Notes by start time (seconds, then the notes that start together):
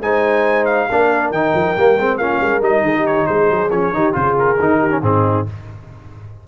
0.00 G#3 D#4 C5 G#5
0.65 F5
0.90 A#3 D4 A#4
1.31 D#3 D#4 G5
1.55 F3
1.77 G3 A#3
1.97 G#3 C4
2.18 A#3 C#4 F4 F5
2.40 G#3 A#4
2.61 G3 D#4 D#5
2.82 D#3 G#4
2.96 G4
3.07 C#5
3.26 G#3 G#4 C5
3.50 F#3
3.70 F3 C#4 C#5
3.93 D#3 D#4 G4
4.13 C#3 F4 G#4 C5
4.39 A#4
4.60 D#3 D#4
4.79 G4
4.90 C#4
5.02 G#2 C4 D#4 G#4